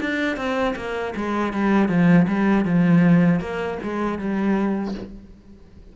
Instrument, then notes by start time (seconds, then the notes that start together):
cello
0.00 D4
0.37 C4
0.76 A#3
1.16 G#3
1.53 G3
1.88 F3
2.28 G3
2.65 F3
3.40 A#3
3.83 G#3
4.18 G3